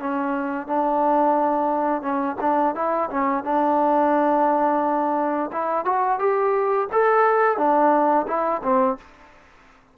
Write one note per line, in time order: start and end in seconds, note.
0.00 0.67 C#4
0.67 2.02 D4
2.02 2.37 C#4
2.41 2.75 D4
2.75 3.10 E4
3.10 3.44 C#4
3.44 5.51 D4
5.52 5.85 E4
5.85 6.19 F#4
6.19 6.88 G4
6.92 7.57 A4
7.57 8.26 D4
8.28 8.62 E4
8.63 8.98 C4